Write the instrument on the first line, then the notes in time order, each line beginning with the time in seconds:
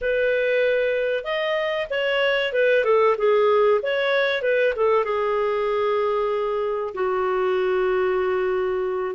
clarinet
0.01 B4
1.23 D#5
1.89 C#5
2.53 B4
2.84 A4
3.17 G#4
3.82 C#5
4.42 B4
4.76 A4
5.04 G#4
6.94 F#4